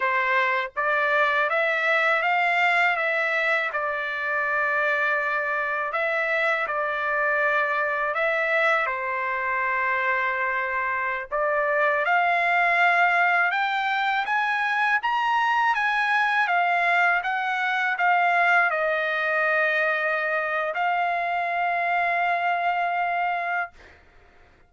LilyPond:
\new Staff \with { instrumentName = "trumpet" } { \time 4/4 \tempo 4 = 81 c''4 d''4 e''4 f''4 | e''4 d''2. | e''4 d''2 e''4 | c''2.~ c''16 d''8.~ |
d''16 f''2 g''4 gis''8.~ | gis''16 ais''4 gis''4 f''4 fis''8.~ | fis''16 f''4 dis''2~ dis''8. | f''1 | }